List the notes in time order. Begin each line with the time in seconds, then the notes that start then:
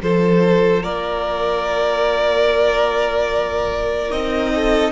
0.00 F3 F4 A4 C5
0.83 A#3 A#4 D5
4.10 C4 D#4 D#5
4.55 A4